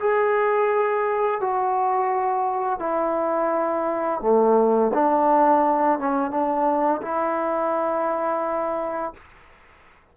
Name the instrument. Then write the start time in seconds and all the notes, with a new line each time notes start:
trombone
0.00 G#4
1.41 F#4
2.80 E4
4.21 A3
4.94 D4
5.99 C#4
6.31 D4
7.02 E4